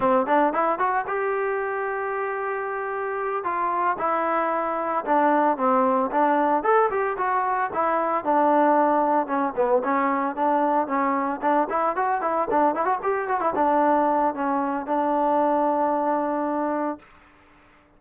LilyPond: \new Staff \with { instrumentName = "trombone" } { \time 4/4 \tempo 4 = 113 c'8 d'8 e'8 fis'8 g'2~ | g'2~ g'8 f'4 e'8~ | e'4. d'4 c'4 d'8~ | d'8 a'8 g'8 fis'4 e'4 d'8~ |
d'4. cis'8 b8 cis'4 d'8~ | d'8 cis'4 d'8 e'8 fis'8 e'8 d'8 | e'16 fis'16 g'8 fis'16 e'16 d'4. cis'4 | d'1 | }